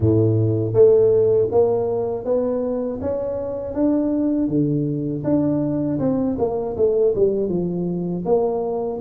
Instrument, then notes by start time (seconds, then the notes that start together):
tuba
0.00 A2
0.73 A3
1.51 A#3
2.24 B3
3.01 C#4
3.73 D4
4.48 D3
5.24 D4
5.99 C4
6.38 A#3
6.76 A3
7.15 G3
7.48 F3
8.25 A#3